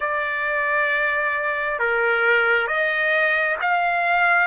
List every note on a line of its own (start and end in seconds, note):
0.00 1.79 D5
1.79 2.67 A#4
2.67 3.56 D#5
3.61 4.47 F5